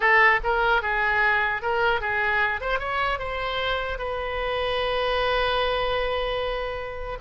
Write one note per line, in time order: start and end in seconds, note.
0.00 0.39 A4
0.43 0.82 A#4
0.82 1.62 G#4
1.62 2.01 A#4
2.01 2.61 G#4
2.61 2.79 C5
2.79 3.19 C#5
3.19 3.98 C5
3.98 7.18 B4